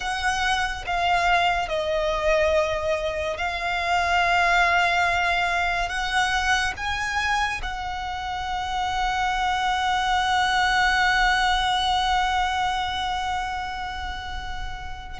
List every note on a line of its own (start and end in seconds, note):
0.00 0.85 F#5
0.86 1.68 F5
1.68 3.36 D#5
3.36 5.88 F5
5.88 6.73 F#5
6.76 7.61 G#5
7.62 15.19 F#5